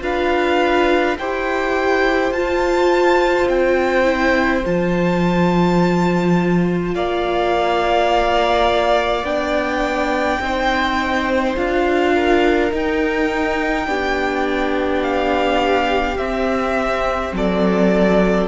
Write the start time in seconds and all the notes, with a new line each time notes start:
0.00 D4 F4 B4 F5
1.18 E4 G4 C5 G5
2.31 F4 A5
3.48 C4 G5
4.04 E4
4.64 F3 F4 A5
6.94 A#3 D5 F5
9.23 B3 D4 G5
10.40 C4 D#4 C5
11.56 D4 F4 F5
12.14 A#4
12.71 D#4 G5
13.86 B3 D4 G4
15.02 F5
16.17 C4 E5
17.32 F#3 A4 D5